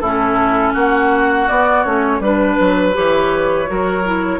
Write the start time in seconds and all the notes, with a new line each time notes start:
0.00 A2 C#4 E4 A4
0.73 A#3 F#4 F#5
1.48 B3 D5
1.84 A3 C#4 C#5
2.19 G3 D4 B4
2.60 F#3
2.93 E3 G4 C#5
3.66 F#3 F#4 A#4
4.05 E4